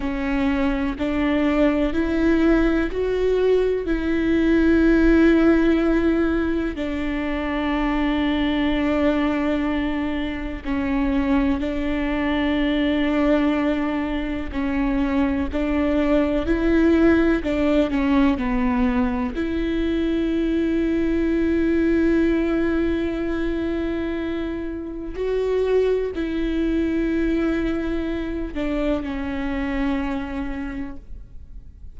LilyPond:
\new Staff \with { instrumentName = "viola" } { \time 4/4 \tempo 4 = 62 cis'4 d'4 e'4 fis'4 | e'2. d'4~ | d'2. cis'4 | d'2. cis'4 |
d'4 e'4 d'8 cis'8 b4 | e'1~ | e'2 fis'4 e'4~ | e'4. d'8 cis'2 | }